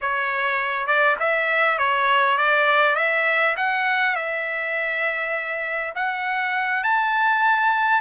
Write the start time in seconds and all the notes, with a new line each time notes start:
0.01 C#5
0.86 D5
1.19 E5
1.78 C#5
2.37 D5
2.95 E5
3.56 F#5
4.15 E5
5.95 F#5
6.83 A5